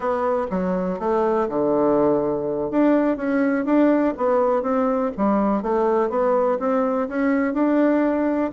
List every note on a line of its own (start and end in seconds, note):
0.00 0.46 B3
0.50 0.99 F#3
0.99 1.47 A3
1.49 2.71 D3
2.71 3.16 D4
3.16 3.65 C#4
3.65 4.14 D4
4.17 4.62 B3
4.62 5.11 C4
5.17 5.62 G3
5.62 6.09 A3
6.09 6.58 B3
6.59 7.07 C4
7.08 7.53 C#4
7.53 8.51 D4